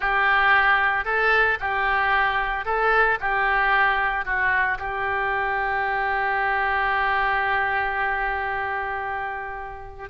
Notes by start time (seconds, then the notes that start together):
0.00 G4
1.04 A4
1.60 G4
2.65 A4
3.20 G4
4.25 F#4
4.78 G4